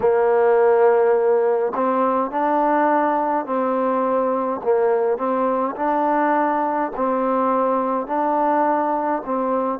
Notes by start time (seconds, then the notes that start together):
0.00 A#3
1.74 C4
2.31 D4
3.45 C4
4.63 A#3
5.17 C4
5.76 D4
6.95 C4
8.07 D4
9.25 C4